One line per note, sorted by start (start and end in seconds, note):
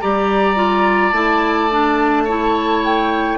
0.00 1.12 G3
0.00 0.55 G4
0.00 2.24 D5
0.00 1.13 A#5
0.55 1.12 F4
1.12 3.38 A3
1.12 1.69 E4
1.12 2.83 A5
1.71 2.27 D4
2.24 3.38 E4
2.24 3.37 C#5
2.84 3.38 G5